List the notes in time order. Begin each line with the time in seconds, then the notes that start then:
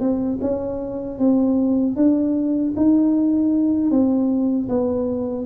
0.00 C4
0.41 C#4
1.19 C4
1.96 D4
2.76 D#4
3.91 C4
4.69 B3